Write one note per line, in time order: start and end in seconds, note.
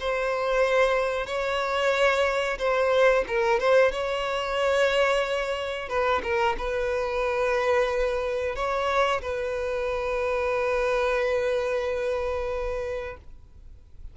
0.00 1.26 C5
1.26 2.58 C#5
2.58 3.24 C5
3.27 3.59 A#4
3.59 3.91 C5
3.91 5.89 C#5
5.89 6.22 B4
6.23 6.56 A#4
6.58 8.55 B4
8.55 9.21 C#5
9.22 13.17 B4